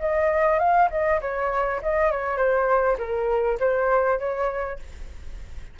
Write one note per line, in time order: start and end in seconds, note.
0.00 0.59 D#5
0.59 0.89 F5
0.90 1.20 D#5
1.21 1.81 C#5
1.83 2.11 D#5
2.11 2.37 C#5
2.37 2.97 C5
2.98 3.58 A#4
3.60 4.19 C5
4.19 4.79 C#5